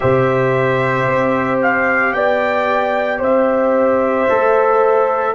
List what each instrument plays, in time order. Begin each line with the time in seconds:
0.00 tuba C3, trombone G4, horn C5, trumpet E5
1.07 tuba C4
1.62 trumpet F5
2.13 tuba B3, horn D5, trumpet G5
3.19 tuba C4, horn C5, trumpet E5
4.29 tuba A3, trombone A4